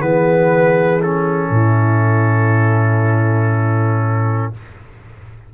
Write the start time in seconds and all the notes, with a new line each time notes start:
0.00 E3 B3 G#4 B4
1.02 C#4 A4
1.50 A2 E4